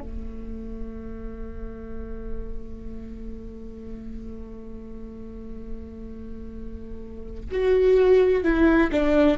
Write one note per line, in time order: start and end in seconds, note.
0.00 7.50 A3
7.50 8.43 F#4
8.43 8.90 E4
8.91 9.37 D4